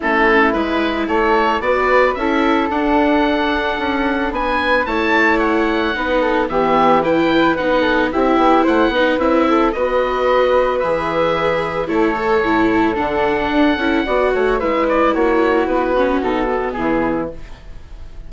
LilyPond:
<<
  \new Staff \with { instrumentName = "oboe" } { \time 4/4 \tempo 4 = 111 a'4 b'4 cis''4 d''4 | e''4 fis''2. | gis''4 a''4 fis''2 | e''4 g''4 fis''4 e''4 |
fis''4 e''4 dis''2 | e''2 cis''2 | fis''2. e''8 d''8 | cis''4 b'4 a'4 gis'4 | }
  \new Staff \with { instrumentName = "flute" } { \time 4/4 e'2 a'4 b'4 | a'1 | b'4 cis''2 b'8 a'8 | g'4 b'4. a'8 g'4 |
c''8 b'4 a'8 b'2~ | b'2 a'2~ | a'2 d''8 cis''8 b'4 | fis'2. e'4 | }
  \new Staff \with { instrumentName = "viola" } { \time 4/4 cis'4 e'2 fis'4 | e'4 d'2.~ | d'4 e'2 dis'4 | b4 e'4 dis'4 e'4~ |
e'8 dis'8 e'4 fis'2 | gis'2 e'8 a'8 e'4 | d'4. e'8 fis'4 e'4~ | e'4. cis'8 dis'8 b4. | }
  \new Staff \with { instrumentName = "bassoon" } { \time 4/4 a4 gis4 a4 b4 | cis'4 d'2 cis'4 | b4 a2 b4 | e2 b4 c'8 b8 |
a8 b8 c'4 b2 | e2 a4 a,4 | d4 d'8 cis'8 b8 a8 gis4 | ais4 b4 b,4 e4 | }
>>